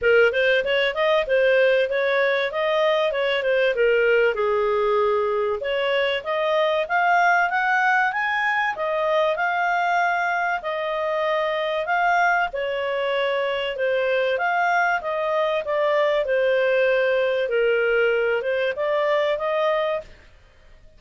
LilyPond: \new Staff \with { instrumentName = "clarinet" } { \time 4/4 \tempo 4 = 96 ais'8 c''8 cis''8 dis''8 c''4 cis''4 | dis''4 cis''8 c''8 ais'4 gis'4~ | gis'4 cis''4 dis''4 f''4 | fis''4 gis''4 dis''4 f''4~ |
f''4 dis''2 f''4 | cis''2 c''4 f''4 | dis''4 d''4 c''2 | ais'4. c''8 d''4 dis''4 | }